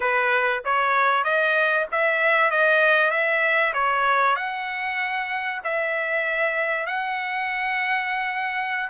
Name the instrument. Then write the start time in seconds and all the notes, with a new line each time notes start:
trumpet
0.00 B4
0.64 C#5
1.24 D#5
1.91 E5
2.51 D#5
3.10 E5
3.73 C#5
4.36 F#5
5.63 E5
6.86 F#5